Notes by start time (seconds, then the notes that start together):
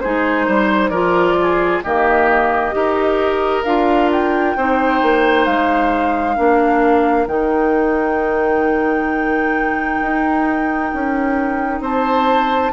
0.00 G#3 D#4 G#4 C5
0.46 G3 C5
0.89 F3 F4 A#4 D5
1.41 G#4
1.83 D#3 A#3 G4 D#5
2.72 D#4 G4 A#4
3.64 D4 F4 F5
4.11 G5
4.56 C4 D#4 C5
5.02 A#3
5.45 G#3 F5
6.36 A#3 D4 A#4
7.27 D#3 D#4 G5
10.01 D#4
10.93 C#4
11.80 C4 C5 A5